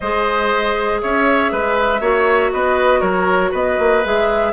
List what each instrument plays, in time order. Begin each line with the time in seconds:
0.00 bassoon G#3, clarinet G#4, oboe C5, flute D#5
1.01 bassoon C#4, oboe C#5, flute E5
1.51 bassoon G#3, oboe B4
2.00 bassoon A#3, clarinet F#4, oboe C#5
2.52 bassoon B3, oboe B4, flute D#5
3.00 bassoon F#3, oboe A#4, flute C#5
3.51 bassoon B3, oboe B4, flute D#5
3.78 bassoon A#3
4.04 bassoon G#3, clarinet G#4, flute E5